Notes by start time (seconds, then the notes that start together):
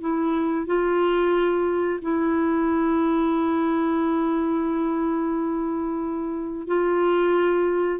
0.00 E4
0.66 F4
2.02 E4
6.67 F4